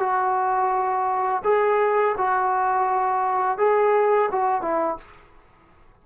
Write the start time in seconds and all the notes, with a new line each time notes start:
0.00 F#4
1.44 G#4
2.18 F#4
3.58 G#4
4.32 F#4
4.62 E4